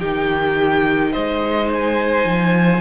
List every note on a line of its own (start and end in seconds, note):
0.00 1.14 D#3
0.00 2.81 D#4
0.00 1.11 G4
0.00 1.12 G5
1.11 2.24 G#3
1.11 2.81 C5
1.11 1.69 D#5
1.73 2.81 G#5
2.24 2.81 F3